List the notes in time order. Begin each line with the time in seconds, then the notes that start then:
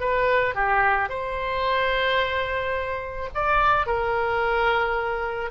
0.00 B4
0.55 G4
1.09 C5
3.35 D5
3.86 A#4